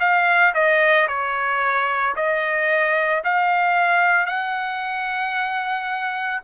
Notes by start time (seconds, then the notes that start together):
0.00 F5
0.55 D#5
1.08 C#5
2.16 D#5
3.25 F5
4.27 F#5